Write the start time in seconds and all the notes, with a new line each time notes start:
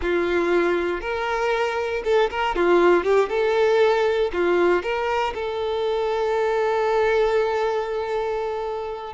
0.01 F4
1.01 A#4
2.04 A4
2.30 A#4
2.55 F4
3.03 G4
3.29 A4
4.32 F4
4.82 A#4
5.34 A4